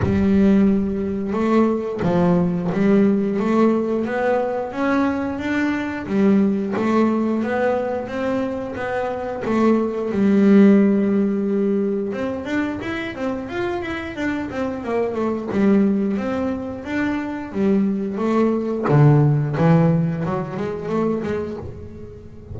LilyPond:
\new Staff \with { instrumentName = "double bass" } { \time 4/4 \tempo 4 = 89 g2 a4 f4 | g4 a4 b4 cis'4 | d'4 g4 a4 b4 | c'4 b4 a4 g4~ |
g2 c'8 d'8 e'8 c'8 | f'8 e'8 d'8 c'8 ais8 a8 g4 | c'4 d'4 g4 a4 | d4 e4 fis8 gis8 a8 gis8 | }